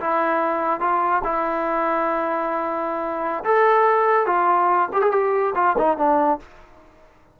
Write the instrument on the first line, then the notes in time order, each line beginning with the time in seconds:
trombone
0.00 E4
0.80 F4
1.24 E4
3.44 A4
4.26 F4
4.92 G4
5.02 G#4
5.12 G4
5.55 F4
5.78 D#4
5.97 D4